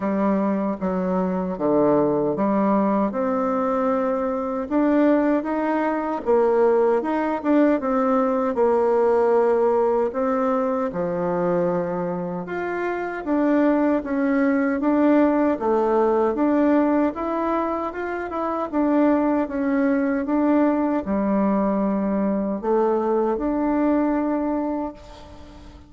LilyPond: \new Staff \with { instrumentName = "bassoon" } { \time 4/4 \tempo 4 = 77 g4 fis4 d4 g4 | c'2 d'4 dis'4 | ais4 dis'8 d'8 c'4 ais4~ | ais4 c'4 f2 |
f'4 d'4 cis'4 d'4 | a4 d'4 e'4 f'8 e'8 | d'4 cis'4 d'4 g4~ | g4 a4 d'2 | }